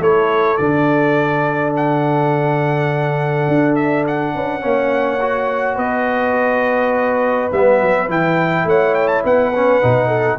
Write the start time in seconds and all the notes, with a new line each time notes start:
0.00 A3 E4 A4 C#5
0.58 D3 D4 D5
1.77 F#5
3.49 D4
3.76 E5
4.08 F#5
4.35 C#4 B4
4.62 A#3 C#4 C#5
5.21 F#4
5.76 B3 B4 D#5
7.53 G3 B3 E5
7.82 F#3
8.09 E3 E4 G5
8.65 A3 C#5 F#5
8.95 G5
9.08 A5
9.25 B3 B4 F#5
9.56 C#4
9.82 B2 D#4
10.08 A4